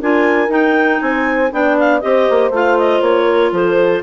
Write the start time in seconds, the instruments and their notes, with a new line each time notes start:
0.00 bassoon D4, clarinet F4 G#5, horn A#4
0.48 clarinet D#4 G5, bassoon D#4
1.01 bassoon C4, horn C5, clarinet G#5
1.51 bassoon B3, clarinet D4 G5, horn D5
1.79 clarinet F5
2.00 bassoon C4, clarinet G4 D#5, horn C5
2.30 bassoon A#3
2.50 bassoon A3, clarinet F4 F5
2.78 clarinet D#5
3.01 bassoon A#3, clarinet C#5
3.25 horn A#4
3.52 bassoon F3, horn A4, clarinet C5